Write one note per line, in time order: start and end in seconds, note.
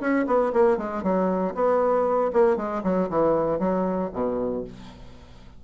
0.00 0.26 C#4
0.26 0.52 B3
0.52 0.77 A#3
0.77 1.03 G#3
1.03 1.54 F#3
1.54 2.31 B3
2.32 2.56 A#3
2.56 2.82 G#3
2.83 3.09 F#3
3.09 3.59 E3
3.59 4.10 F#3
4.12 4.64 B2